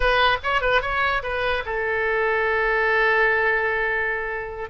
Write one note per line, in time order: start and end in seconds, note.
0.00 0.37 B4
0.43 0.61 C#5
0.61 0.81 B4
0.81 1.22 C#5
1.22 1.63 B4
1.65 4.69 A4